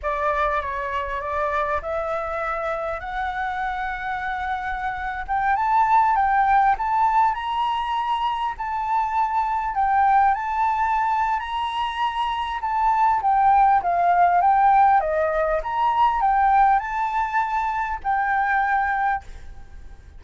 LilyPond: \new Staff \with { instrumentName = "flute" } { \time 4/4 \tempo 4 = 100 d''4 cis''4 d''4 e''4~ | e''4 fis''2.~ | fis''8. g''8 a''4 g''4 a''8.~ | a''16 ais''2 a''4.~ a''16~ |
a''16 g''4 a''4.~ a''16 ais''4~ | ais''4 a''4 g''4 f''4 | g''4 dis''4 ais''4 g''4 | a''2 g''2 | }